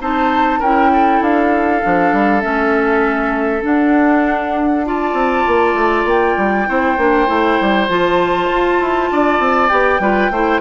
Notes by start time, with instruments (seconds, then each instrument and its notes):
0.00 bassoon C4, clarinet D#4, oboe C5, flute A5
0.59 bassoon C#4, clarinet E4, oboe A#4, flute G5
0.93 oboe A4
1.21 bassoon D4, flute F5
1.82 bassoon F3, clarinet D4
2.12 bassoon G3
2.41 bassoon A3, clarinet C#4, flute E5
3.61 clarinet D4, bassoon D4, flute F#5
4.85 clarinet F4, oboe D5, flute A5
5.13 bassoon C4
5.47 bassoon A#3
5.74 bassoon A3
6.05 bassoon A#3, flute G5
6.37 bassoon G3
6.67 bassoon C4, clarinet E4, oboe C5
6.97 bassoon A#3, clarinet D4
7.27 bassoon A3, clarinet E4
7.60 bassoon G3
7.88 bassoon F3, clarinet F4, flute A5
8.50 bassoon F4
8.80 bassoon E4
9.11 bassoon D4, oboe D5
9.39 bassoon C4
9.68 bassoon B3, clarinet G4, flute G5
9.99 bassoon G3, clarinet F4, oboe B4
10.30 bassoon A3, clarinet E4, oboe C5